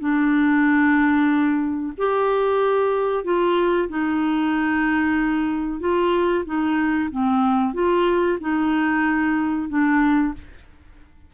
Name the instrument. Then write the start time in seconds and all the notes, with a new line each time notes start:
clarinet
0.00 D4
1.98 G4
3.24 F4
3.89 D#4
5.80 F4
6.45 D#4
7.11 C4
7.74 F4
8.41 D#4
9.69 D4